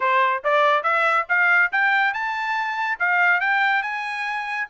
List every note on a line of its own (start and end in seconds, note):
0.00 0.43 C5
0.44 0.83 D5
0.83 1.26 E5
1.28 1.71 F5
1.71 2.13 G5
2.13 2.98 A5
2.99 3.40 F5
3.40 3.82 G5
3.82 4.67 G#5